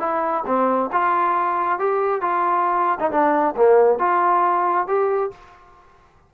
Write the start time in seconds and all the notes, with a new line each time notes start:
0.00 E4
0.46 C4
0.92 F4
1.79 G4
2.22 F4
3.00 D#4
3.11 D4
3.57 A#3
3.99 F4
4.87 G4